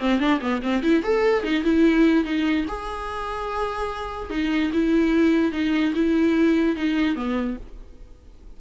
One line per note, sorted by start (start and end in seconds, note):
0.00 0.20 C4
0.20 0.41 D4
0.41 0.62 B3
0.63 0.83 C4
0.83 1.03 E4
1.03 1.44 A4
1.44 1.64 D#4
1.64 2.25 E4
2.25 2.66 D#4
2.69 4.31 G#4
4.31 4.72 D#4
4.74 5.53 E4
5.53 5.94 D#4
5.95 6.76 E4
6.76 7.16 D#4
7.16 7.57 B3